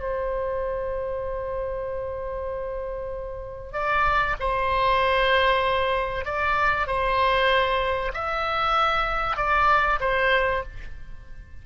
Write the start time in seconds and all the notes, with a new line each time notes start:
0.00 C5
3.73 D5
4.40 C5
6.25 D5
6.87 C5
8.14 E5
9.37 D5
10.01 C5